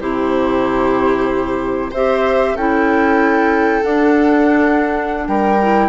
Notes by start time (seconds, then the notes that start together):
0.00 C3 E4 G4 C5
1.91 C4 G4 C5 E5
2.54 C#4 E4 A4 G5
3.82 D4 F#5
5.27 G3 A#4 G5
5.61 E4